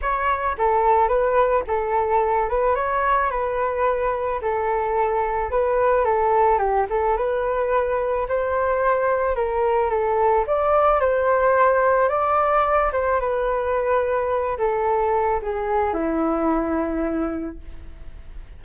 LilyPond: \new Staff \with { instrumentName = "flute" } { \time 4/4 \tempo 4 = 109 cis''4 a'4 b'4 a'4~ | a'8 b'8 cis''4 b'2 | a'2 b'4 a'4 | g'8 a'8 b'2 c''4~ |
c''4 ais'4 a'4 d''4 | c''2 d''4. c''8 | b'2~ b'8 a'4. | gis'4 e'2. | }